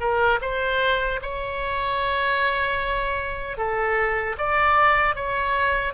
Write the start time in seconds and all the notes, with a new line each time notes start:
0.00 A#4
0.41 C5
1.21 C#5
3.57 A4
4.37 D5
5.15 C#5